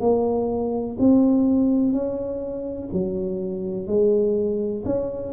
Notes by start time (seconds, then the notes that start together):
0.00 A#3
0.99 C4
1.92 C#4
2.93 F#3
3.87 G#3
4.85 C#4